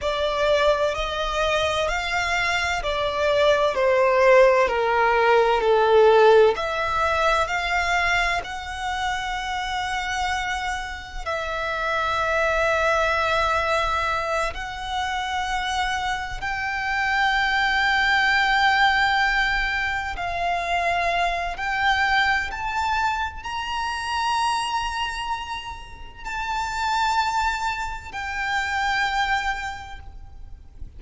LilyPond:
\new Staff \with { instrumentName = "violin" } { \time 4/4 \tempo 4 = 64 d''4 dis''4 f''4 d''4 | c''4 ais'4 a'4 e''4 | f''4 fis''2. | e''2.~ e''8 fis''8~ |
fis''4. g''2~ g''8~ | g''4. f''4. g''4 | a''4 ais''2. | a''2 g''2 | }